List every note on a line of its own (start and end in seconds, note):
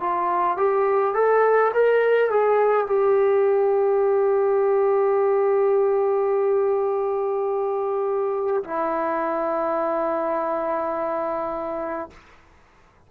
0.00 0.57 F4
0.57 1.14 G4
1.14 1.72 A4
1.74 2.30 A#4
2.30 2.86 G#4
2.86 8.63 G4
8.63 12.09 E4